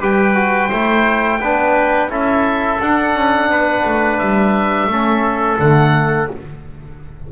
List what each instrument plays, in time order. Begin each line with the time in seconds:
0.00 double bass G3, trombone G4, trumpet B4, oboe G5
0.35 trombone F#4
0.69 double bass A3, trombone E4, trumpet C5
1.39 double bass B3, trombone D4, trumpet B4
2.09 double bass C#4, trombone E4, trumpet A4, oboe E5
2.80 double bass D4, trombone D4, oboe F#5
3.15 double bass C#4
3.49 double bass B3, trumpet B4
3.85 double bass A3
4.18 double bass G3, oboe E5
4.87 double bass A3, trombone C#4, trumpet A4
5.59 double bass D3, trombone A3, oboe F#5